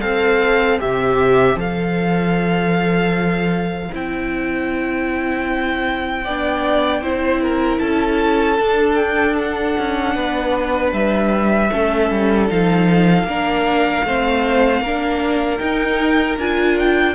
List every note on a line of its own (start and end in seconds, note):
0.00 0.80 C4
0.00 0.79 A4
0.00 6.24 C5
0.00 0.78 F5
0.79 1.55 C3
0.79 1.56 G4
0.79 1.58 E5
1.55 3.89 F3
1.55 3.90 A4
1.55 3.94 F5
3.92 6.26 C4
3.92 6.25 E4
3.92 7.78 G5
6.24 7.01 B3
6.24 7.02 D4
6.24 7.02 D5
7.01 7.79 C4
7.01 8.58 E4
7.01 7.41 C5
7.42 7.80 A#4
7.78 8.58 C#4
7.78 10.14 A4
7.78 8.95 A5
8.58 11.69 D4
8.58 9.76 D4
8.95 9.34 G5
9.38 10.93 F#5
9.77 10.15 C#4
10.14 10.92 B3
10.14 11.70 B4
10.92 11.70 G3
10.92 12.49 E5
11.71 12.11 A3
11.71 12.48 C#4
11.71 13.27 A4
12.11 12.50 G3
12.48 13.23 F3
12.48 13.26 D#4
12.48 15.57 F5
13.23 14.01 A#3
13.23 14.06 D4
13.23 14.05 A#4
14.04 14.81 A3
14.04 14.84 C4
14.04 14.81 C5
14.81 15.59 A#3
14.81 15.59 D4
14.81 17.15 A#4
15.57 16.37 D#4
15.57 16.38 D#4
15.57 16.35 G5
16.38 17.15 D4
16.38 17.15 F4
16.38 16.78 G#5
16.79 17.15 G5